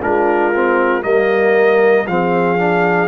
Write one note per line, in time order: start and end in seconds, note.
0.00 1.04 G#3
0.00 0.53 D4
0.00 1.03 F4
0.00 1.03 A#4
0.54 1.02 C4
1.02 2.07 G3
1.02 2.05 A#3
1.02 2.07 A#4
1.02 2.07 D#5
2.07 3.08 F3
2.07 2.58 C4
2.07 3.08 G#4
2.07 3.08 F5
2.58 3.08 D4